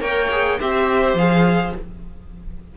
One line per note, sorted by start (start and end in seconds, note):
0.00 0.59 A#3
0.00 0.29 A#4
0.00 0.58 C#5
0.00 0.60 G5
0.31 0.60 G#4
0.60 1.13 C4
0.60 1.18 G4
0.60 1.77 C5
0.60 1.17 E5
1.13 1.72 F3
1.13 1.76 G#4
1.13 1.75 F5